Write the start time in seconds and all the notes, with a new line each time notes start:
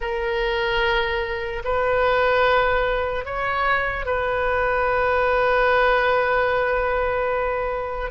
0.00 A#4
1.64 B4
3.25 C#5
4.05 B4